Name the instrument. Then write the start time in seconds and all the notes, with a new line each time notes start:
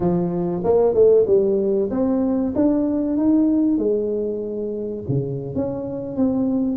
tuba
0.00 F3
0.64 A#3
0.94 A3
1.26 G3
1.90 C4
2.55 D4
3.17 D#4
3.78 G#3
5.08 C#3
5.55 C#4
6.16 C4